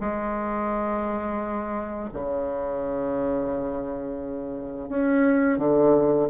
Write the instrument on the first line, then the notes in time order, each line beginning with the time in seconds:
bassoon
0.00 G#3
2.13 C#3
4.89 C#4
5.58 D3